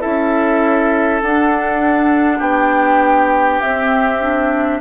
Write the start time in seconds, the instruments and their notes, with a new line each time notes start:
0.00 bassoon C#4, clarinet E4, oboe A4, flute E5
1.21 bassoon D4, clarinet D4, flute F#5
2.38 bassoon B3, oboe G4, flute G5
3.60 clarinet C4, bassoon C4, flute E5
4.21 clarinet D4